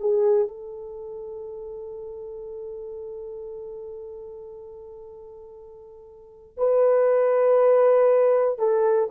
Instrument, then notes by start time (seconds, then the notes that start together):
horn
0.00 G#4
0.49 A4
6.58 B4
8.59 A4